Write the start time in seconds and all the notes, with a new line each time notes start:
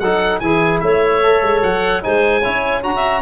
0.00 F#3 D#4 A4 F#5
0.40 E3 E4 G#4 G#5
0.80 A3 C#5 E5
1.23 A4
1.42 G#3
1.63 F#3 F#5
2.02 G#3 D#4 C5 G#5
2.42 C#4 E4 C#5
2.83 D4 F#4 A#5
2.96 E5